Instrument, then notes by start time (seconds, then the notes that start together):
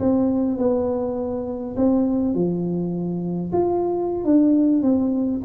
tuba
0.00 C4
0.58 B3
1.77 C4
2.35 F3
3.53 F4
4.25 D4
4.83 C4